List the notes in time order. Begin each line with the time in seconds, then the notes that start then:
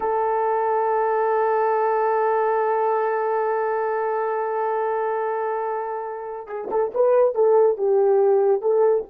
0.00 A4
6.46 G#4
6.71 A4
6.94 B4
7.35 A4
7.77 G4
8.61 A4